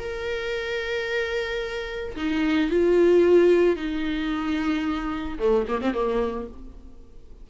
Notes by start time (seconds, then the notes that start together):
0.00 A#4
2.16 D#4
2.70 F4
3.77 D#4
5.39 A3
5.68 A#3
5.82 C4
5.94 A#3